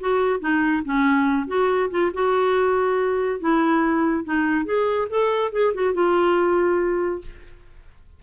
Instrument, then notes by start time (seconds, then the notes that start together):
clarinet
0.00 F#4
0.40 D#4
0.85 C#4
1.48 F#4
1.90 F4
2.14 F#4
3.40 E4
4.25 D#4
4.66 G#4
5.09 A4
5.52 G#4
5.74 F#4
5.94 F4